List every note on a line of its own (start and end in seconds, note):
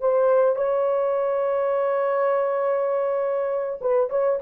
0.00 0.56 C5
0.56 3.79 C#5
3.81 4.10 B4
4.10 4.39 C#5